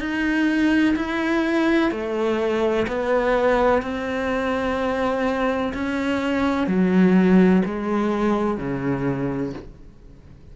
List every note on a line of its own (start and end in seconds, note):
0.00 0.95 D#4
0.96 1.91 E4
1.91 2.87 A3
2.87 3.82 B3
3.82 5.73 C4
5.74 6.68 C#4
6.68 7.63 F#3
7.65 8.58 G#3
8.58 9.53 C#3